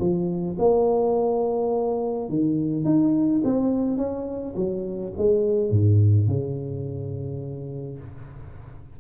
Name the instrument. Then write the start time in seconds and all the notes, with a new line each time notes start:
tuba
0.00 F3
0.59 A#3
2.29 D#3
2.85 D#4
3.44 C4
3.97 C#4
4.56 F#3
5.17 G#3
5.70 G#2
6.27 C#3